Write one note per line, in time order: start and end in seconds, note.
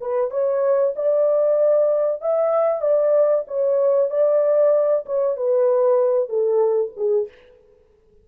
0.00 0.30 B4
0.30 0.94 C#5
0.95 2.21 D5
2.21 2.81 E5
2.81 3.44 D5
3.47 4.10 C#5
4.10 5.05 D5
5.05 5.36 C#5
5.36 6.28 B4
6.28 6.92 A4
6.96 7.28 G#4